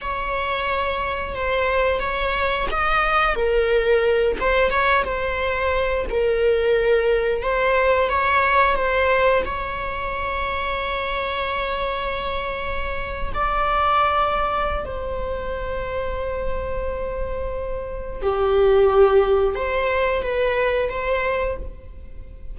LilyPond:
\new Staff \with { instrumentName = "viola" } { \time 4/4 \tempo 4 = 89 cis''2 c''4 cis''4 | dis''4 ais'4. c''8 cis''8 c''8~ | c''4 ais'2 c''4 | cis''4 c''4 cis''2~ |
cis''2.~ cis''8. d''16~ | d''2 c''2~ | c''2. g'4~ | g'4 c''4 b'4 c''4 | }